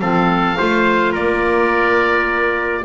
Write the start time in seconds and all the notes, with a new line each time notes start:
0.00 F3 C4 A4 F5
0.58 A3 F4 C5
1.12 A#3 A#4 D5